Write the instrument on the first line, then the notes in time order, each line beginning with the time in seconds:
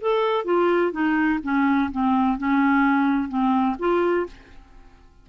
clarinet
0.00 A4
0.44 F4
0.92 D#4
1.43 C#4
1.91 C4
2.38 C#4
3.28 C4
3.79 F4